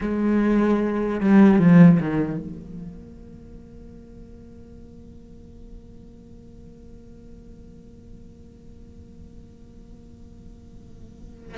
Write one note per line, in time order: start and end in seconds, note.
0.00 1.20 G#3
1.20 1.59 G3
1.59 1.99 F3
2.00 2.38 D#3
2.38 11.57 A#3